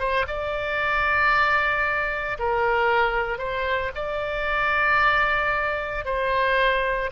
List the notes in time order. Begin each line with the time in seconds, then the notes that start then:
0.00 C5
0.28 D5
2.40 A#4
3.39 C5
3.95 D5
6.05 C5